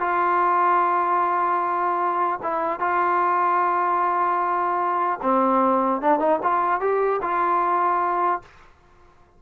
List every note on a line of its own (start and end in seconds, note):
0.00 2.40 F4
2.43 2.80 E4
2.80 5.20 F4
5.22 6.02 C4
6.02 6.19 D4
6.19 6.39 D#4
6.43 6.81 F4
6.81 7.20 G4
7.22 8.42 F4